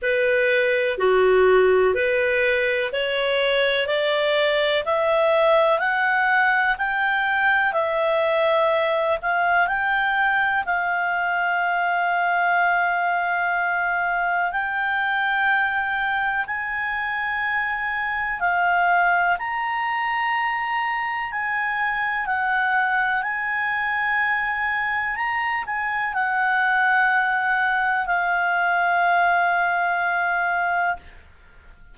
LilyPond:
\new Staff \with { instrumentName = "clarinet" } { \time 4/4 \tempo 4 = 62 b'4 fis'4 b'4 cis''4 | d''4 e''4 fis''4 g''4 | e''4. f''8 g''4 f''4~ | f''2. g''4~ |
g''4 gis''2 f''4 | ais''2 gis''4 fis''4 | gis''2 ais''8 gis''8 fis''4~ | fis''4 f''2. | }